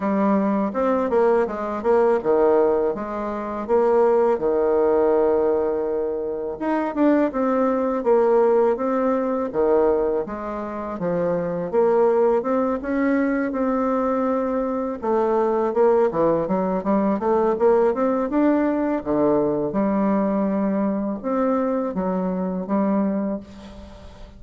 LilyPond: \new Staff \with { instrumentName = "bassoon" } { \time 4/4 \tempo 4 = 82 g4 c'8 ais8 gis8 ais8 dis4 | gis4 ais4 dis2~ | dis4 dis'8 d'8 c'4 ais4 | c'4 dis4 gis4 f4 |
ais4 c'8 cis'4 c'4.~ | c'8 a4 ais8 e8 fis8 g8 a8 | ais8 c'8 d'4 d4 g4~ | g4 c'4 fis4 g4 | }